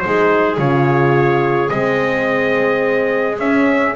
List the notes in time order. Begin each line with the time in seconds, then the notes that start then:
0.00 D#4 G#4 C5
0.06 G#3
0.58 C#3 F4 C#5
1.69 G#3 C4 D#5
3.39 C#4 E5